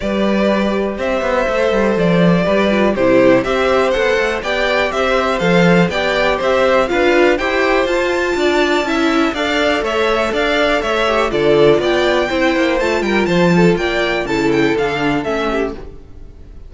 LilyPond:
<<
  \new Staff \with { instrumentName = "violin" } { \time 4/4 \tempo 4 = 122 d''2 e''2 | d''2 c''4 e''4 | fis''4 g''4 e''4 f''4 | g''4 e''4 f''4 g''4 |
a''2. f''4 | e''4 f''4 e''4 d''4 | g''2 a''8 g''8 a''4 | g''4 a''8 g''8 f''4 e''4 | }
  \new Staff \with { instrumentName = "violin" } { \time 4/4 b'2 c''2~ | c''4 b'4 g'4 c''4~ | c''4 d''4 c''2 | d''4 c''4 b'4 c''4~ |
c''4 d''4 e''4 d''4 | cis''4 d''4 cis''4 a'4 | d''4 c''4. ais'8 c''8 a'8 | d''4 a'2~ a'8 g'8 | }
  \new Staff \with { instrumentName = "viola" } { \time 4/4 g'2. a'4~ | a'4 g'8 f'8 e'4 g'4 | a'4 g'2 a'4 | g'2 f'4 g'4 |
f'2 e'4 a'4~ | a'2~ a'8 g'8 f'4~ | f'4 e'4 f'2~ | f'4 e'4 d'4 cis'4 | }
  \new Staff \with { instrumentName = "cello" } { \time 4/4 g2 c'8 b8 a8 g8 | f4 g4 c4 c'4 | b8 a8 b4 c'4 f4 | b4 c'4 d'4 e'4 |
f'4 d'4 cis'4 d'4 | a4 d'4 a4 d4 | b4 c'8 ais8 a8 g8 f4 | ais4 cis4 d4 a4 | }
>>